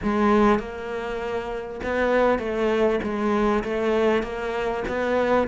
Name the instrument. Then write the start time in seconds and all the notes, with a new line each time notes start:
cello
0.02 G#3
0.59 A#3
1.83 B3
2.39 A3
3.03 G#3
3.64 A3
4.23 A#3
4.88 B3